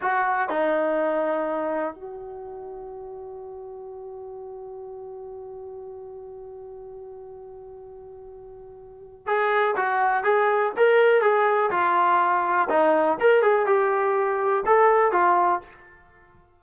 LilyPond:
\new Staff \with { instrumentName = "trombone" } { \time 4/4 \tempo 4 = 123 fis'4 dis'2. | fis'1~ | fis'1~ | fis'1~ |
fis'2. gis'4 | fis'4 gis'4 ais'4 gis'4 | f'2 dis'4 ais'8 gis'8 | g'2 a'4 f'4 | }